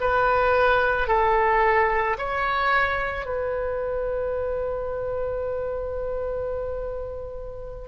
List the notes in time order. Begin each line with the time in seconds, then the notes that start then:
0.00 B4
1.08 A4
2.18 C#5
3.25 B4